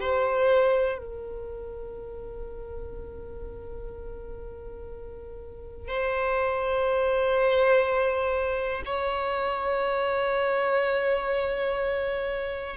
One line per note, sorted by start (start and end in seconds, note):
0.00 0.98 C5
0.98 5.87 A#4
5.87 8.83 C5
8.85 12.76 C#5